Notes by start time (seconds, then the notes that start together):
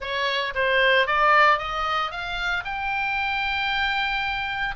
0.00 C#5
0.54 C5
1.06 D5
1.58 D#5
2.11 F5
2.64 G5